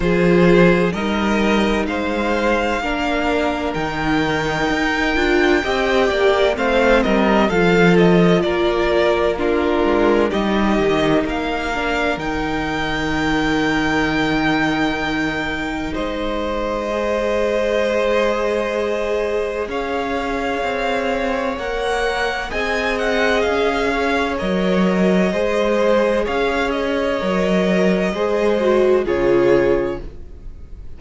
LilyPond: <<
  \new Staff \with { instrumentName = "violin" } { \time 4/4 \tempo 4 = 64 c''4 dis''4 f''2 | g''2. f''8 dis''8 | f''8 dis''8 d''4 ais'4 dis''4 | f''4 g''2.~ |
g''4 dis''2.~ | dis''4 f''2 fis''4 | gis''8 fis''8 f''4 dis''2 | f''8 dis''2~ dis''8 cis''4 | }
  \new Staff \with { instrumentName = "violin" } { \time 4/4 gis'4 ais'4 c''4 ais'4~ | ais'2 dis''8 d''8 c''8 ais'8 | a'4 ais'4 f'4 g'4 | ais'1~ |
ais'4 c''2.~ | c''4 cis''2. | dis''4. cis''4. c''4 | cis''2 c''4 gis'4 | }
  \new Staff \with { instrumentName = "viola" } { \time 4/4 f'4 dis'2 d'4 | dis'4. f'8 g'4 c'4 | f'2 d'4 dis'4~ | dis'8 d'8 dis'2.~ |
dis'2 gis'2~ | gis'2. ais'4 | gis'2 ais'4 gis'4~ | gis'4 ais'4 gis'8 fis'8 f'4 | }
  \new Staff \with { instrumentName = "cello" } { \time 4/4 f4 g4 gis4 ais4 | dis4 dis'8 d'8 c'8 ais8 a8 g8 | f4 ais4. gis8 g8 dis8 | ais4 dis2.~ |
dis4 gis2.~ | gis4 cis'4 c'4 ais4 | c'4 cis'4 fis4 gis4 | cis'4 fis4 gis4 cis4 | }
>>